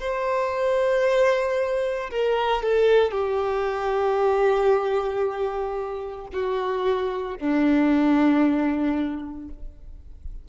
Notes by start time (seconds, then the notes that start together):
0.00 C5
2.11 A#4
2.63 A4
3.11 G4
6.33 F#4
7.38 D4